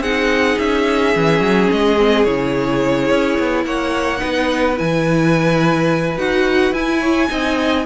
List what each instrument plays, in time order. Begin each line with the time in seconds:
0.00 cello C4, viola D#4, violin G#4 F#5
0.59 cello C#4, violin E5
1.14 cello E3, viola C#4
1.40 cello F#3
1.71 cello G#3, violin D#5
1.98 viola C4
2.25 cello C#3, viola E4, violin C#5
3.11 cello C#4
3.39 cello B3
3.65 cello A#3, violin C#5 F#5
4.18 cello B3, viola D#4, violin B4
4.77 cello E3, viola E4, violin G#5
6.18 cello D#4, viola F#4, violin F#5
6.72 cello E4, viola E4, violin G#5
7.01 violin C#5
7.28 cello C4, viola D#4, violin D#5